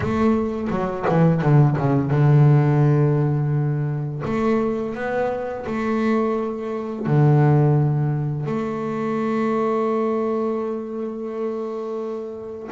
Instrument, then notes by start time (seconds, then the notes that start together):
double bass
0.00 A3
0.70 F#3
1.08 E3
1.41 D3
1.77 C#3
2.10 D3
4.24 A3
4.94 B3
5.66 A3
7.06 D3
8.45 A3